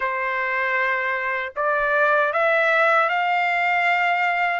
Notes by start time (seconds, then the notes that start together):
0.00 C5
1.56 D5
2.33 E5
3.09 F5